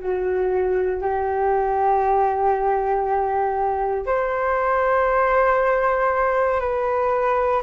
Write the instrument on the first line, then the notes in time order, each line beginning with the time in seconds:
flute
0.00 F#4
1.02 G4
4.06 C5
6.61 B4